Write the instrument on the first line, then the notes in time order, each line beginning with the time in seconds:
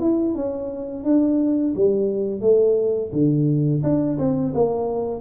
tuba
0.00 E4
0.35 C#4
1.04 D4
1.76 G3
2.41 A3
3.13 D3
3.83 D4
4.19 C4
4.54 A#3